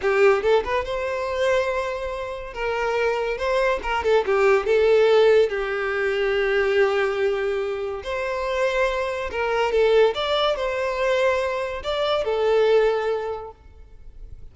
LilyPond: \new Staff \with { instrumentName = "violin" } { \time 4/4 \tempo 4 = 142 g'4 a'8 b'8 c''2~ | c''2 ais'2 | c''4 ais'8 a'8 g'4 a'4~ | a'4 g'2.~ |
g'2. c''4~ | c''2 ais'4 a'4 | d''4 c''2. | d''4 a'2. | }